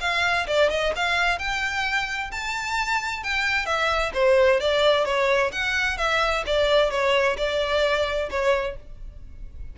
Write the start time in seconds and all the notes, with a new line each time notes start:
0.00 F5
0.47 D5
0.69 D#5
0.95 F5
1.38 G5
2.31 A5
3.23 G5
3.65 E5
4.13 C5
4.60 D5
5.05 C#5
5.52 F#5
5.97 E5
6.46 D5
6.90 C#5
7.36 D5
8.30 C#5